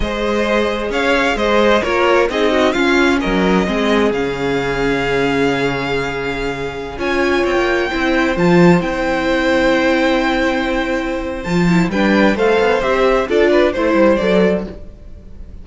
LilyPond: <<
  \new Staff \with { instrumentName = "violin" } { \time 4/4 \tempo 4 = 131 dis''2 f''4 dis''4 | cis''4 dis''4 f''4 dis''4~ | dis''4 f''2.~ | f''2.~ f''16 gis''8.~ |
gis''16 g''2 a''4 g''8.~ | g''1~ | g''4 a''4 g''4 f''4 | e''4 d''4 c''4 d''4 | }
  \new Staff \with { instrumentName = "violin" } { \time 4/4 c''2 cis''4 c''4 | ais'4 gis'8 fis'8 f'4 ais'4 | gis'1~ | gis'2.~ gis'16 cis''8.~ |
cis''4~ cis''16 c''2~ c''8.~ | c''1~ | c''2 b'4 c''4~ | c''4 a'8 b'8 c''2 | }
  \new Staff \with { instrumentName = "viola" } { \time 4/4 gis'1 | f'4 dis'4 cis'2 | c'4 cis'2.~ | cis'2.~ cis'16 f'8.~ |
f'4~ f'16 e'4 f'4 e'8.~ | e'1~ | e'4 f'8 e'8 d'4 a'4 | g'4 f'4 e'4 a'4 | }
  \new Staff \with { instrumentName = "cello" } { \time 4/4 gis2 cis'4 gis4 | ais4 c'4 cis'4 fis4 | gis4 cis2.~ | cis2.~ cis16 cis'8.~ |
cis'16 c'16 ais8. c'4 f4 c'8.~ | c'1~ | c'4 f4 g4 a8 b8 | c'4 d'4 a8 g8 fis4 | }
>>